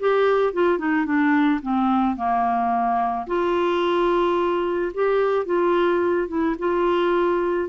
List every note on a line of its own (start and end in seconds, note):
0.00 0.54 G4
0.54 0.79 F4
0.79 1.06 D#4
1.06 1.61 D4
1.62 2.17 C4
2.17 3.27 A#3
3.28 4.93 F4
4.94 5.46 G4
5.46 6.29 F4
6.29 6.56 E4
6.59 7.69 F4